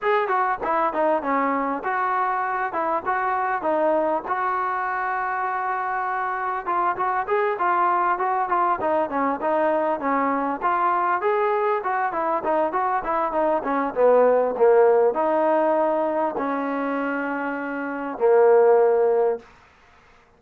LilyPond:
\new Staff \with { instrumentName = "trombone" } { \time 4/4 \tempo 4 = 99 gis'8 fis'8 e'8 dis'8 cis'4 fis'4~ | fis'8 e'8 fis'4 dis'4 fis'4~ | fis'2. f'8 fis'8 | gis'8 f'4 fis'8 f'8 dis'8 cis'8 dis'8~ |
dis'8 cis'4 f'4 gis'4 fis'8 | e'8 dis'8 fis'8 e'8 dis'8 cis'8 b4 | ais4 dis'2 cis'4~ | cis'2 ais2 | }